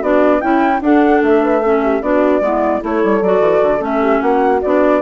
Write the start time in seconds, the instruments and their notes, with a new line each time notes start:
0.00 bassoon B3, clarinet D4, horn F#4, flute D5
0.41 bassoon C#4, horn E4, clarinet E4, flute G5
0.81 bassoon D4, clarinet D4, horn A4, flute F#5
1.22 bassoon A3, flute E5
1.43 horn B4
1.62 clarinet C#4, horn A4
1.83 horn G4
2.02 bassoon B3, clarinet D4, horn F#4, flute D5
2.41 bassoon G#3, clarinet B3, horn E4
2.81 bassoon A3, clarinet E4, horn A4, flute C#5
3.04 bassoon G3
3.22 bassoon F#3, clarinet F#4, flute D5
3.41 bassoon E3
3.63 bassoon D3
3.80 bassoon A3, clarinet C#4, flute E5
4.01 horn G4
4.21 bassoon A#3, horn F#4, flute F#5
4.62 bassoon B3, clarinet D4, flute D5